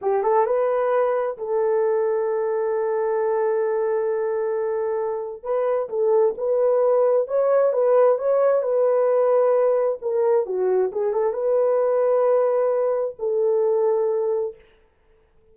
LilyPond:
\new Staff \with { instrumentName = "horn" } { \time 4/4 \tempo 4 = 132 g'8 a'8 b'2 a'4~ | a'1~ | a'1 | b'4 a'4 b'2 |
cis''4 b'4 cis''4 b'4~ | b'2 ais'4 fis'4 | gis'8 a'8 b'2.~ | b'4 a'2. | }